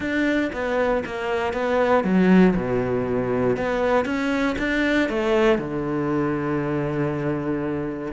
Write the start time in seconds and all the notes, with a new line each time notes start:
0.00 D4
0.52 B3
1.05 A#3
1.53 B3
2.03 F#3
2.56 B2
3.56 B3
4.05 C#4
4.58 D4
5.09 A3
5.58 D3